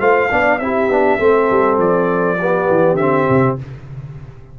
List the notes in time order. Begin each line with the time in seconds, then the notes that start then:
0.00 A3 F4 C5 F5
0.31 B3 D4 D5
0.59 C4 E4 G4 E5
0.89 B3 D4
1.19 A3 C4 A4
1.51 G3
1.78 F3 D5
2.40 B3 G4
2.70 E3
2.95 D3 C4 E5
3.30 C3